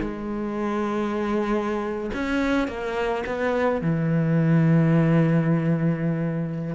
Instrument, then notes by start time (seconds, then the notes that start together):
cello
0.00 G#3
2.13 C#4
2.67 A#3
3.26 B3
3.81 E3